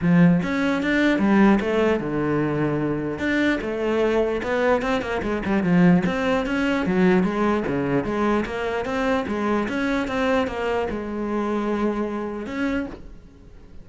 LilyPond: \new Staff \with { instrumentName = "cello" } { \time 4/4 \tempo 4 = 149 f4 cis'4 d'4 g4 | a4 d2. | d'4 a2 b4 | c'8 ais8 gis8 g8 f4 c'4 |
cis'4 fis4 gis4 cis4 | gis4 ais4 c'4 gis4 | cis'4 c'4 ais4 gis4~ | gis2. cis'4 | }